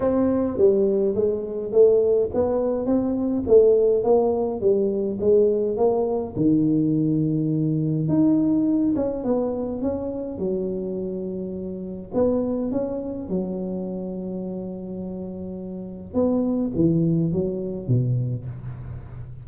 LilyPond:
\new Staff \with { instrumentName = "tuba" } { \time 4/4 \tempo 4 = 104 c'4 g4 gis4 a4 | b4 c'4 a4 ais4 | g4 gis4 ais4 dis4~ | dis2 dis'4. cis'8 |
b4 cis'4 fis2~ | fis4 b4 cis'4 fis4~ | fis1 | b4 e4 fis4 b,4 | }